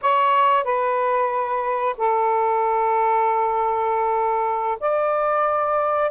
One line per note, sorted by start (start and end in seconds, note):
0.01 0.64 C#5
0.64 1.95 B4
1.98 4.78 A4
4.80 6.10 D5